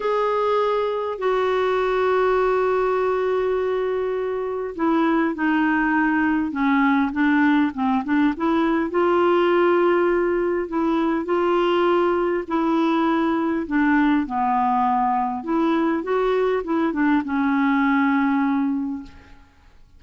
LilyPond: \new Staff \with { instrumentName = "clarinet" } { \time 4/4 \tempo 4 = 101 gis'2 fis'2~ | fis'1 | e'4 dis'2 cis'4 | d'4 c'8 d'8 e'4 f'4~ |
f'2 e'4 f'4~ | f'4 e'2 d'4 | b2 e'4 fis'4 | e'8 d'8 cis'2. | }